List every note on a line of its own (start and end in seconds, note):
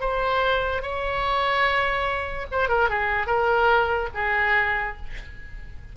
0.00 0.82 C5
0.82 2.46 C#5
2.51 2.68 C5
2.68 2.89 A#4
2.89 3.26 G#4
3.26 4.09 A#4
4.14 4.96 G#4